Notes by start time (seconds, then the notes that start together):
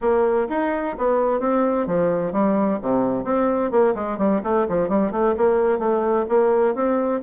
0.01 A#3
0.49 D#4
0.98 B3
1.40 C4
1.86 F3
2.32 G3
2.82 C3
3.24 C4
3.71 A#3
3.95 G#3
4.18 G3
4.43 A3
4.68 F3
4.88 G3
5.11 A3
5.37 A#3
5.79 A3
6.29 A#3
6.74 C4